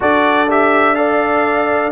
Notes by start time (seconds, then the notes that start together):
0.00 D4 F#4 A4 D5
0.50 G4 E5
0.95 A4 D5 F5